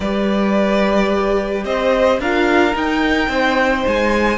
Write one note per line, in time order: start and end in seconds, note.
0.00 1.64 G3
0.00 2.21 G4
0.00 1.65 B4
0.00 1.64 D5
1.64 2.19 C4
1.64 2.20 C5
1.64 2.20 D#5
2.19 2.74 D4
2.19 2.72 F4
2.19 3.29 A#4
2.19 2.75 F5
2.72 4.37 D#4
2.72 3.28 D#4
2.72 3.87 G5
3.28 3.83 C4
3.28 4.38 C5
3.87 4.38 G#3
3.87 4.38 G#5